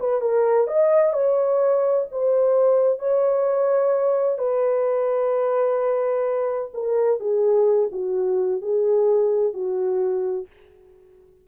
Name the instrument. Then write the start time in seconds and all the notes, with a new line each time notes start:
horn
0.00 B4
0.21 A#4
0.68 D#5
1.13 C#5
2.12 C5
2.99 C#5
4.38 B4
6.74 A#4
7.20 G#4
7.92 F#4
8.62 G#4
9.53 F#4